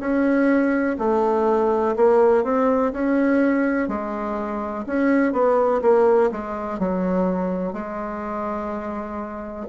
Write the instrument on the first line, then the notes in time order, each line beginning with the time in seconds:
bassoon
0.00 C#4
0.99 A3
1.96 A#3
2.44 C4
2.93 C#4
3.88 G#3
4.87 C#4
5.33 B3
5.82 A#3
6.32 G#3
6.79 F#3
7.73 G#3